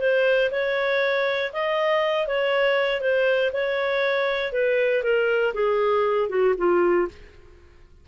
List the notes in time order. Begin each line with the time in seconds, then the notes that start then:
0.00 C5
0.51 C#5
1.53 D#5
2.27 C#5
3.01 C5
3.53 C#5
4.53 B4
5.03 A#4
5.54 G#4
6.29 F#4
6.58 F4